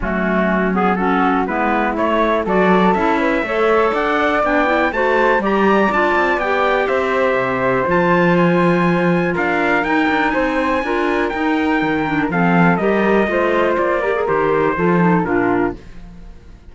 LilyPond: <<
  \new Staff \with { instrumentName = "trumpet" } { \time 4/4 \tempo 4 = 122 fis'4. gis'8 a'4 b'4 | cis''4 d''4 e''2 | fis''4 g''4 a''4 ais''4 | a''4 g''4 e''2 |
a''4 gis''2 f''4 | g''4 gis''2 g''4~ | g''4 f''4 dis''2 | d''4 c''2 ais'4 | }
  \new Staff \with { instrumentName = "flute" } { \time 4/4 cis'2 fis'4 e'4~ | e'4 a'4. b'8 cis''4 | d''2 c''4 d''4~ | d''2 c''2~ |
c''2. ais'4~ | ais'4 c''4 ais'2~ | ais'4 a'4 ais'4 c''4~ | c''8 ais'4. a'4 f'4 | }
  \new Staff \with { instrumentName = "clarinet" } { \time 4/4 a4. b8 cis'4 b4 | a4 fis'4 e'4 a'4~ | a'4 d'8 e'8 fis'4 g'4 | f'4 g'2. |
f'1 | dis'2 f'4 dis'4~ | dis'8 d'8 c'4 g'4 f'4~ | f'8 g'16 gis'16 g'4 f'8 dis'8 d'4 | }
  \new Staff \with { instrumentName = "cello" } { \time 4/4 fis2. gis4 | a4 fis4 cis'4 a4 | d'4 b4 a4 g4 | d'8 c'8 b4 c'4 c4 |
f2. d'4 | dis'8 d'8 c'4 d'4 dis'4 | dis4 f4 g4 a4 | ais4 dis4 f4 ais,4 | }
>>